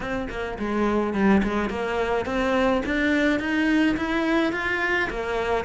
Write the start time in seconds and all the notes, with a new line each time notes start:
0.00 C4
0.29 A#3
0.58 G#3
1.13 G3
1.43 G#3
1.69 A#3
2.25 C4
2.85 D4
3.39 D#4
3.96 E4
4.52 F4
5.09 A#3